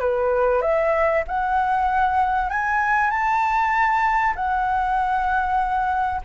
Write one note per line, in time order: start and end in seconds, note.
0.00 0.62 B4
0.62 1.23 E5
1.28 2.50 F#5
2.50 3.10 G#5
3.10 4.34 A5
4.36 6.21 F#5